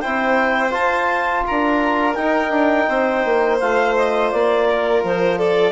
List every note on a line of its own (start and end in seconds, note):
0.00 0.73 C4
0.00 0.71 E4
0.00 1.44 C5
0.00 0.71 G5
0.71 2.13 F4
0.71 1.44 F4
0.71 1.44 A5
1.46 2.17 D4
1.46 2.89 A#4
1.46 2.14 A#5
2.14 2.49 D#4
2.14 3.59 D#4
2.14 3.57 G5
2.49 2.85 D4
2.89 3.24 C4
2.89 4.67 C5
3.24 3.60 A#3
3.59 4.32 A3
3.59 5.72 F4
3.59 3.95 F5
3.95 4.31 D#5
4.31 5.03 A#3
4.31 5.02 D5
4.69 5.38 A#4
5.03 5.72 F3
5.03 5.38 C5
5.38 5.72 A4
5.38 5.72 D5